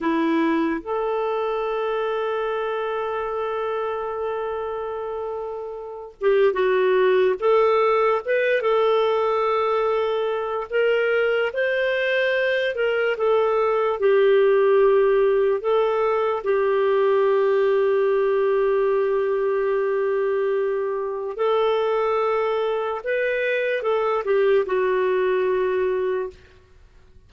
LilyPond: \new Staff \with { instrumentName = "clarinet" } { \time 4/4 \tempo 4 = 73 e'4 a'2.~ | a'2.~ a'8 g'8 | fis'4 a'4 b'8 a'4.~ | a'4 ais'4 c''4. ais'8 |
a'4 g'2 a'4 | g'1~ | g'2 a'2 | b'4 a'8 g'8 fis'2 | }